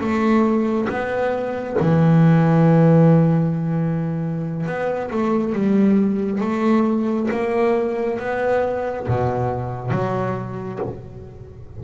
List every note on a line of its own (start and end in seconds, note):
0.00 0.88 A3
0.89 1.77 B3
1.80 4.66 E3
4.66 5.10 B3
5.11 5.52 A3
5.52 6.41 G3
6.41 7.29 A3
7.31 8.19 A#3
8.19 9.07 B3
9.07 9.91 B2
9.91 10.79 F#3